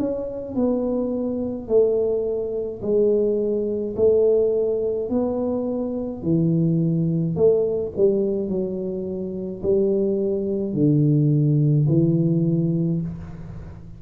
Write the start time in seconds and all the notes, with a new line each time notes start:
0.00 C#4
0.56 B3
1.68 A3
2.82 G#3
3.97 A3
5.10 B3
6.23 E3
7.36 A3
7.97 G3
8.49 F#3
9.63 G3
10.74 D3
11.89 E3